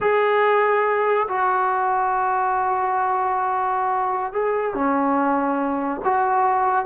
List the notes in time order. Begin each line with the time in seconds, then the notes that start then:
0.00 G#4
1.28 F#4
4.32 G#4
4.74 C#4
6.04 F#4